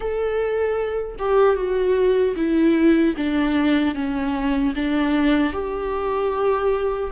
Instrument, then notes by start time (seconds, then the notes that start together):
viola
0.00 A4
1.18 G4
1.55 F#4
2.35 E4
3.17 D4
3.94 C#4
4.75 D4
5.53 G4